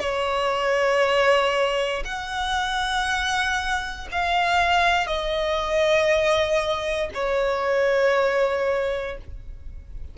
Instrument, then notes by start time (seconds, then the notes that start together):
violin
0.00 C#5
2.05 F#5
4.12 F5
5.07 D#5
7.15 C#5